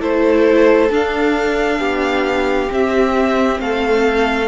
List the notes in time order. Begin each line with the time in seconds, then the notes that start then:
0.00 A3 E4 A4 C5
0.90 D4 F5
1.79 B3 G4
2.68 C4 E5
3.60 A3 A4 F5